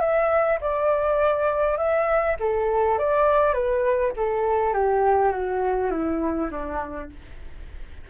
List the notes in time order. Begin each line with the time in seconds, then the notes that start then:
0.00 E5
0.61 D5
1.78 E5
2.39 A4
2.98 D5
3.53 B4
4.16 A4
4.73 G4
5.32 F#4
5.91 E4
6.51 D4